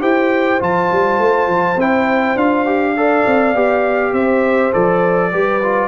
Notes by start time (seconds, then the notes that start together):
0.00 E4 G4 C5 G5
0.59 F3 F4 A5
0.91 G3
1.19 A3
1.47 F3
1.76 C4 E4 G5
2.36 D4 F4 F5
2.66 G4
2.94 A4 D5
3.26 C4
3.55 B3 G4
4.12 C4 C5 E5
4.72 F3 A4 D5
5.31 G3 G4 B4
5.62 F4